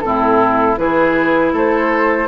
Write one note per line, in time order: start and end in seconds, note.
0.00 0.78 A2
0.00 0.77 C4
0.00 0.79 E4
0.00 0.76 A4
0.77 1.53 E3
0.77 2.28 E4
0.77 1.53 G#4
0.77 1.54 B4
1.53 2.28 A3
1.53 2.28 A4
1.53 2.28 C5